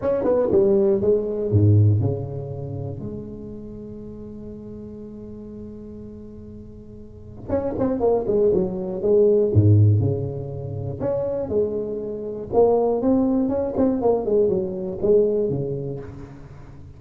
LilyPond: \new Staff \with { instrumentName = "tuba" } { \time 4/4 \tempo 4 = 120 cis'8 b8 g4 gis4 gis,4 | cis2 gis2~ | gis1~ | gis2. cis'8 c'8 |
ais8 gis8 fis4 gis4 gis,4 | cis2 cis'4 gis4~ | gis4 ais4 c'4 cis'8 c'8 | ais8 gis8 fis4 gis4 cis4 | }